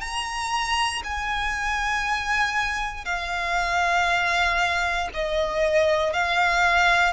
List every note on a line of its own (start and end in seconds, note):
0.00 1.02 A#5
1.04 3.05 G#5
3.05 5.08 F5
5.14 6.12 D#5
6.12 7.12 F5